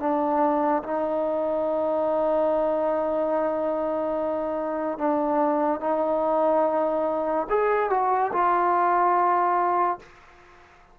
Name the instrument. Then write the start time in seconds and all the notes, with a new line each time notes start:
trombone
0.00 D4
0.83 D#4
4.98 D4
5.81 D#4
7.50 G#4
7.90 F#4
8.33 F4